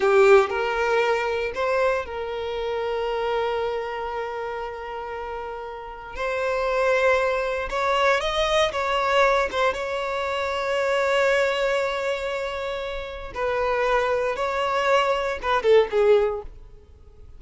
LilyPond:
\new Staff \with { instrumentName = "violin" } { \time 4/4 \tempo 4 = 117 g'4 ais'2 c''4 | ais'1~ | ais'1 | c''2. cis''4 |
dis''4 cis''4. c''8 cis''4~ | cis''1~ | cis''2 b'2 | cis''2 b'8 a'8 gis'4 | }